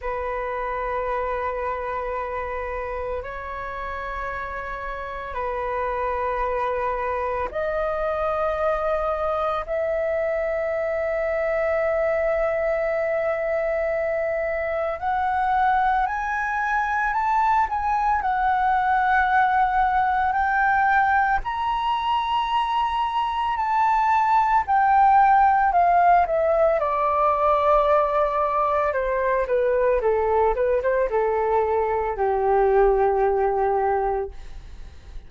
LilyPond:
\new Staff \with { instrumentName = "flute" } { \time 4/4 \tempo 4 = 56 b'2. cis''4~ | cis''4 b'2 dis''4~ | dis''4 e''2.~ | e''2 fis''4 gis''4 |
a''8 gis''8 fis''2 g''4 | ais''2 a''4 g''4 | f''8 e''8 d''2 c''8 b'8 | a'8 b'16 c''16 a'4 g'2 | }